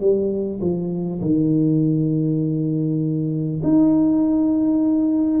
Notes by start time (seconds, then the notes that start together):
0.00 G3
0.60 F3
1.21 D#3
3.63 D#4